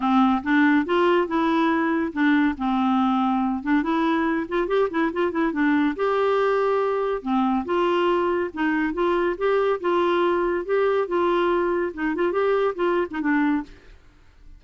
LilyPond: \new Staff \with { instrumentName = "clarinet" } { \time 4/4 \tempo 4 = 141 c'4 d'4 f'4 e'4~ | e'4 d'4 c'2~ | c'8 d'8 e'4. f'8 g'8 e'8 | f'8 e'8 d'4 g'2~ |
g'4 c'4 f'2 | dis'4 f'4 g'4 f'4~ | f'4 g'4 f'2 | dis'8 f'8 g'4 f'8. dis'16 d'4 | }